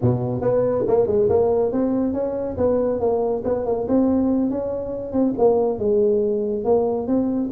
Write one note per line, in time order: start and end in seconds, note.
0.01 0.41 B2
0.41 0.84 B3
0.87 1.07 A#3
1.07 1.28 G#3
1.29 1.72 A#3
1.72 2.13 C4
2.13 2.56 C#4
2.57 3.00 B3
3.00 3.43 A#3
3.44 3.65 B3
3.65 3.87 A#3
3.88 4.50 C4
4.50 5.12 C#4
5.12 5.33 C4
5.37 5.78 A#3
5.78 6.64 G#3
6.64 7.07 A#3
7.07 7.50 C4